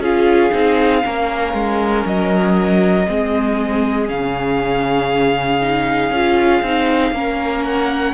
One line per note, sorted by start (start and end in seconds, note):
0.00 0.51 C#4
0.00 0.52 F4
0.00 1.04 G#4
0.00 2.07 F5
0.52 1.04 C4
0.52 1.02 D#4
1.02 1.54 A#3
1.02 3.06 C#4
1.02 3.08 A#4
1.54 2.05 G#3
2.06 3.07 F#3
2.06 4.09 D#5
3.08 4.10 G#3
3.08 4.08 C4
3.08 7.15 G#4
4.08 6.11 C#3
4.08 5.60 C#4
4.08 7.64 F5
5.62 6.13 D#4
6.11 6.61 C#4
6.11 6.64 F4
6.62 7.12 C4
6.62 7.15 D#4
7.12 8.13 A#3
7.12 8.14 C#4
7.12 8.14 A#4
7.64 8.14 F#5